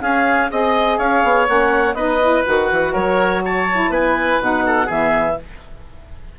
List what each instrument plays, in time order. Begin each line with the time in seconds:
0.00 bassoon C#4, saxophone C#4, oboe G#4, clarinet F5
0.50 bassoon C4, saxophone G#4, oboe D#5, clarinet D#5
0.97 bassoon C#4, oboe C#5, clarinet F5
1.23 bassoon B3
1.46 bassoon A#3, saxophone C#4, clarinet F#5
1.94 bassoon B3, saxophone D#4, oboe B4, clarinet D#5
2.21 saxophone E4
2.45 bassoon D#3, saxophone F#4, clarinet F#5
2.71 bassoon E3
2.92 bassoon F#3, oboe A#4, clarinet C#5
3.45 oboe C#5, clarinet A5
3.72 saxophone E4
3.89 bassoon B3, oboe B4, clarinet G#5
4.40 bassoon B2, saxophone D#4, clarinet F#5
4.66 oboe A4
4.86 bassoon E3, saxophone B3, oboe G#4, clarinet E5